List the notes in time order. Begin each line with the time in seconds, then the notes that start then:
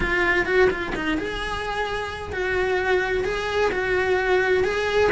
0.00 F4
0.45 F#4
0.70 F4
0.95 D#4
1.17 G#4
2.32 F#4
3.24 G#4
3.71 F#4
4.63 G#4